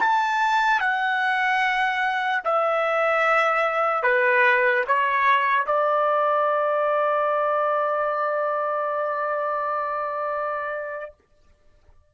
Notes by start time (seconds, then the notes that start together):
0.00 A5
0.80 F#5
2.44 E5
4.03 B4
4.87 C#5
5.66 D5